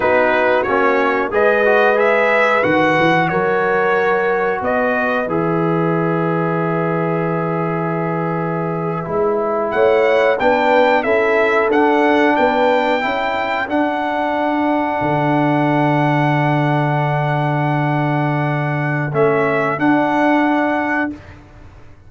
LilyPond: <<
  \new Staff \with { instrumentName = "trumpet" } { \time 4/4 \tempo 4 = 91 b'4 cis''4 dis''4 e''4 | fis''4 cis''2 dis''4 | e''1~ | e''2~ e''8. fis''4 g''16~ |
g''8. e''4 fis''4 g''4~ g''16~ | g''8. fis''2.~ fis''16~ | fis''1~ | fis''4 e''4 fis''2 | }
  \new Staff \with { instrumentName = "horn" } { \time 4/4 fis'2 b'2~ | b'4 ais'2 b'4~ | b'1~ | b'2~ b'8. cis''4 b'16~ |
b'8. a'2 b'4 a'16~ | a'1~ | a'1~ | a'1 | }
  \new Staff \with { instrumentName = "trombone" } { \time 4/4 dis'4 cis'4 gis'8 fis'8 gis'4 | fis'1 | gis'1~ | gis'4.~ gis'16 e'2 d'16~ |
d'8. e'4 d'2 e'16~ | e'8. d'2.~ d'16~ | d'1~ | d'4 cis'4 d'2 | }
  \new Staff \with { instrumentName = "tuba" } { \time 4/4 b4 ais4 gis2 | dis8 e8 fis2 b4 | e1~ | e4.~ e16 gis4 a4 b16~ |
b8. cis'4 d'4 b4 cis'16~ | cis'8. d'2 d4~ d16~ | d1~ | d4 a4 d'2 | }
>>